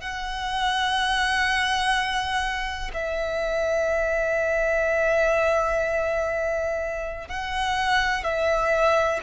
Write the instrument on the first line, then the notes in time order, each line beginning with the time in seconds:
violin
0.00 F#5
2.93 E5
7.28 F#5
8.23 E5